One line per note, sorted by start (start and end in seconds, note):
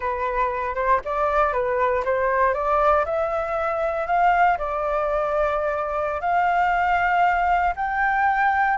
0.00 0.74 B4
0.74 1.00 C5
1.04 1.52 D5
1.52 2.03 B4
2.05 2.54 C5
2.54 3.04 D5
3.05 4.07 E5
4.07 4.57 F5
4.58 6.21 D5
6.21 7.73 F5
7.75 8.77 G5